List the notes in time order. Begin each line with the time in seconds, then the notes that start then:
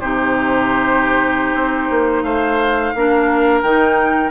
0.00 C3 D#4 G4 C5
1.54 C4
1.90 A#3
2.23 A3 C5 F5
2.95 A#3 D4 A#4
3.62 D#3 D#4 G5